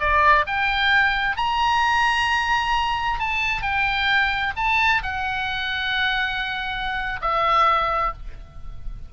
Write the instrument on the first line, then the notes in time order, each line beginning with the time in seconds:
oboe
0.00 D5
0.47 G5
1.37 A#5
3.20 A5
3.62 G5
4.57 A5
5.03 F#5
7.22 E5